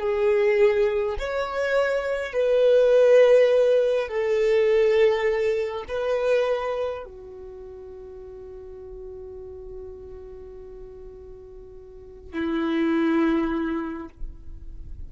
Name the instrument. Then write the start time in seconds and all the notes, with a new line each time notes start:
violin
0.00 G#4
1.19 C#5
2.33 B4
4.08 A4
5.88 B4
7.05 F#4
12.33 E4